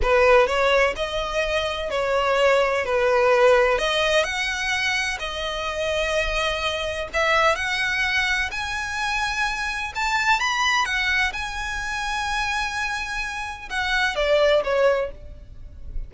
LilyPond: \new Staff \with { instrumentName = "violin" } { \time 4/4 \tempo 4 = 127 b'4 cis''4 dis''2 | cis''2 b'2 | dis''4 fis''2 dis''4~ | dis''2. e''4 |
fis''2 gis''2~ | gis''4 a''4 b''4 fis''4 | gis''1~ | gis''4 fis''4 d''4 cis''4 | }